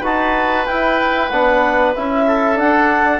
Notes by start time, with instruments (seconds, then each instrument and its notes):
0.00 bassoon D#4, trombone F#4, oboe B4, clarinet A5
0.66 trombone E4, bassoon E4, clarinet G5
1.29 bassoon B3, trombone D4, clarinet F#5
1.95 bassoon C#4, trombone E4, clarinet E5
2.27 oboe A4
2.54 trombone D4, bassoon D4, clarinet F#5